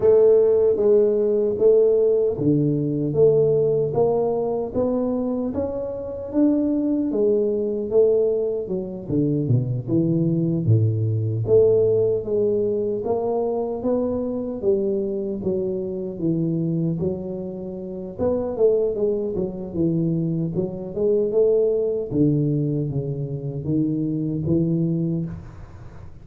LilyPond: \new Staff \with { instrumentName = "tuba" } { \time 4/4 \tempo 4 = 76 a4 gis4 a4 d4 | a4 ais4 b4 cis'4 | d'4 gis4 a4 fis8 d8 | b,8 e4 a,4 a4 gis8~ |
gis8 ais4 b4 g4 fis8~ | fis8 e4 fis4. b8 a8 | gis8 fis8 e4 fis8 gis8 a4 | d4 cis4 dis4 e4 | }